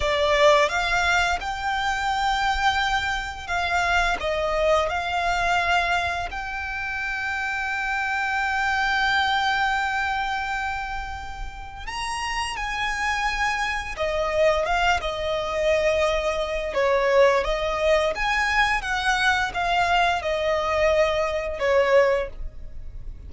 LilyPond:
\new Staff \with { instrumentName = "violin" } { \time 4/4 \tempo 4 = 86 d''4 f''4 g''2~ | g''4 f''4 dis''4 f''4~ | f''4 g''2.~ | g''1~ |
g''4 ais''4 gis''2 | dis''4 f''8 dis''2~ dis''8 | cis''4 dis''4 gis''4 fis''4 | f''4 dis''2 cis''4 | }